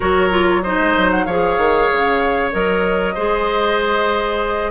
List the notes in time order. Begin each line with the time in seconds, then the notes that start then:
0.00 F#3 F#4 A#4 C#5
0.30 F4
0.62 D#4 C5 D#5
0.79 G#3
0.97 F#3
1.10 F#5
1.24 F3 G#4 C#5 F5
1.57 D#3
1.92 C#3
2.52 F#3 A#4 D#5
3.14 G#3 G#4 C5